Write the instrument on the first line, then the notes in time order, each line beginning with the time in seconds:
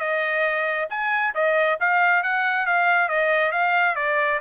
trumpet
0.00 D#5
0.90 G#5
1.35 D#5
1.80 F5
2.23 F#5
2.66 F5
3.08 D#5
3.52 F5
3.96 D5